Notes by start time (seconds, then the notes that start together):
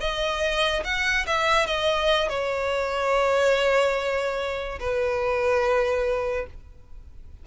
0.00 D#5
0.84 F#5
1.27 E5
1.66 D#5
2.29 C#5
4.80 B4